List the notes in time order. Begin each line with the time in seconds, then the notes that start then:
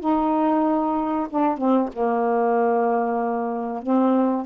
0.00 D#4
1.30 D4
1.58 C4
1.93 A#3
3.83 C4